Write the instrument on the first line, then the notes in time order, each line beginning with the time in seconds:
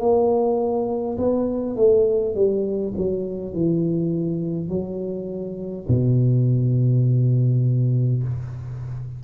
tuba
0.00 A#3
1.18 B3
1.76 A3
2.35 G3
2.97 F#3
3.54 E3
4.69 F#3
5.88 B2